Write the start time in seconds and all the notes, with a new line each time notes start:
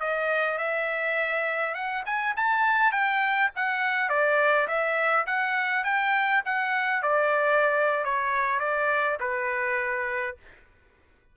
0.00 D#5
0.58 E5
1.74 F#5
2.06 G#5
2.36 A5
2.92 G5
3.56 F#5
4.09 D5
4.68 E5
5.27 F#5
5.84 G5
6.46 F#5
7.03 D5
8.05 C#5
8.59 D5
9.20 B4